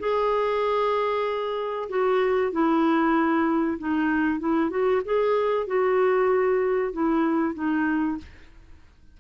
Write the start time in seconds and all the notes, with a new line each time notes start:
0.00 G#4
1.89 F#4
2.52 E4
3.79 D#4
4.40 E4
4.71 F#4
5.05 G#4
5.67 F#4
6.93 E4
7.55 D#4